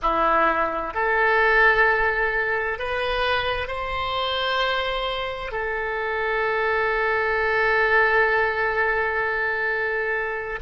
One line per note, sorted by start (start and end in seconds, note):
0.02 0.94 E4
0.94 2.78 A4
2.78 3.67 B4
3.67 5.51 C5
5.51 10.59 A4